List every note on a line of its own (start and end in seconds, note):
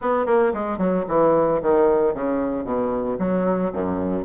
0.01 0.25 B3
0.25 0.52 A#3
0.53 0.77 G#3
0.77 1.04 F#3
1.07 1.60 E3
1.62 2.14 D#3
2.14 2.64 C#3
2.64 3.17 B2
3.19 3.72 F#3
3.72 4.24 F#2